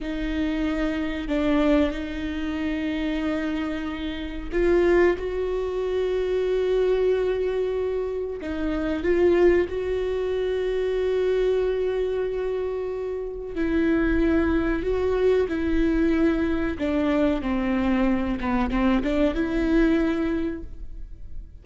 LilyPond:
\new Staff \with { instrumentName = "viola" } { \time 4/4 \tempo 4 = 93 dis'2 d'4 dis'4~ | dis'2. f'4 | fis'1~ | fis'4 dis'4 f'4 fis'4~ |
fis'1~ | fis'4 e'2 fis'4 | e'2 d'4 c'4~ | c'8 b8 c'8 d'8 e'2 | }